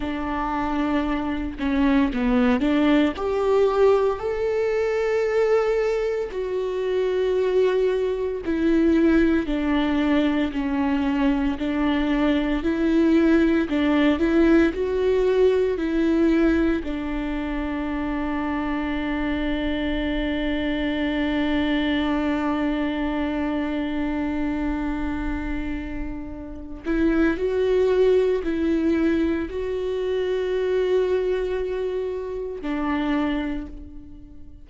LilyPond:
\new Staff \with { instrumentName = "viola" } { \time 4/4 \tempo 4 = 57 d'4. cis'8 b8 d'8 g'4 | a'2 fis'2 | e'4 d'4 cis'4 d'4 | e'4 d'8 e'8 fis'4 e'4 |
d'1~ | d'1~ | d'4. e'8 fis'4 e'4 | fis'2. d'4 | }